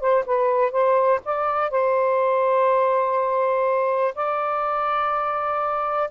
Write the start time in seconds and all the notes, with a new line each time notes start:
0.00 C5
0.25 B4
0.71 C5
1.25 D5
1.70 C5
4.15 D5